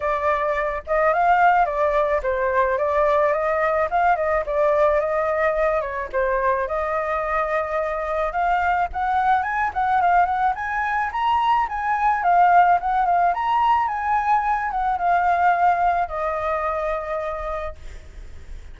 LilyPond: \new Staff \with { instrumentName = "flute" } { \time 4/4 \tempo 4 = 108 d''4. dis''8 f''4 d''4 | c''4 d''4 dis''4 f''8 dis''8 | d''4 dis''4. cis''8 c''4 | dis''2. f''4 |
fis''4 gis''8 fis''8 f''8 fis''8 gis''4 | ais''4 gis''4 f''4 fis''8 f''8 | ais''4 gis''4. fis''8 f''4~ | f''4 dis''2. | }